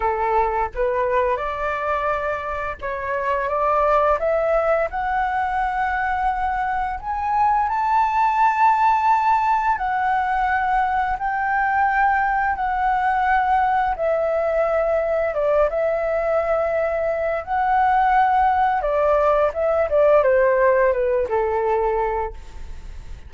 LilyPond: \new Staff \with { instrumentName = "flute" } { \time 4/4 \tempo 4 = 86 a'4 b'4 d''2 | cis''4 d''4 e''4 fis''4~ | fis''2 gis''4 a''4~ | a''2 fis''2 |
g''2 fis''2 | e''2 d''8 e''4.~ | e''4 fis''2 d''4 | e''8 d''8 c''4 b'8 a'4. | }